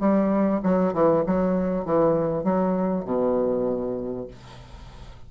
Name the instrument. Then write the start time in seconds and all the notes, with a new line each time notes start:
bassoon
0.00 G3
0.63 F#3
0.93 E3
1.26 F#3
1.85 E3
2.44 F#3
3.05 B2